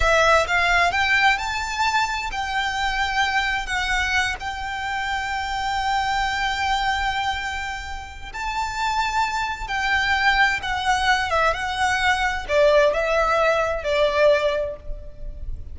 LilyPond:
\new Staff \with { instrumentName = "violin" } { \time 4/4 \tempo 4 = 130 e''4 f''4 g''4 a''4~ | a''4 g''2. | fis''4. g''2~ g''8~ | g''1~ |
g''2 a''2~ | a''4 g''2 fis''4~ | fis''8 e''8 fis''2 d''4 | e''2 d''2 | }